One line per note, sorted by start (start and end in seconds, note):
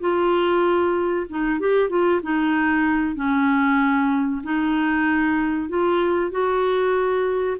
0.00 1.26 F4
1.29 1.59 D#4
1.59 1.89 G4
1.89 2.21 F4
2.22 3.15 D#4
3.15 4.42 C#4
4.43 5.69 D#4
5.69 6.30 F4
6.30 7.57 F#4